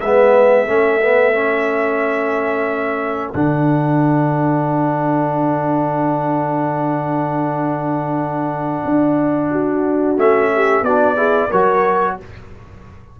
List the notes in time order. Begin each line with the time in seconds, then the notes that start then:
0.00 G#3 B3 B4 E5
0.66 A3 C#4 A4
1.01 B3
1.33 C#4
3.32 D3 D4 F#5
8.85 D4
9.50 F#4
10.17 A3 C#4 E5
10.54 G4
10.81 B3 F#4 D5
10.87 D4
11.16 E4 G#4
11.49 F#3 F#4 A#4 C#5